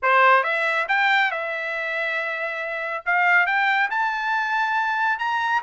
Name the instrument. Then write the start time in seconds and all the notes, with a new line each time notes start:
trumpet
0.02 C5
0.43 E5
0.88 G5
1.31 E5
3.05 F5
3.46 G5
3.90 A5
5.18 A#5